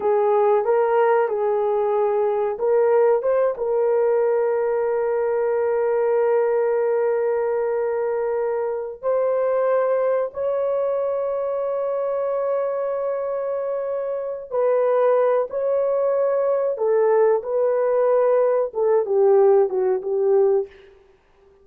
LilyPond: \new Staff \with { instrumentName = "horn" } { \time 4/4 \tempo 4 = 93 gis'4 ais'4 gis'2 | ais'4 c''8 ais'2~ ais'8~ | ais'1~ | ais'2 c''2 |
cis''1~ | cis''2~ cis''8 b'4. | cis''2 a'4 b'4~ | b'4 a'8 g'4 fis'8 g'4 | }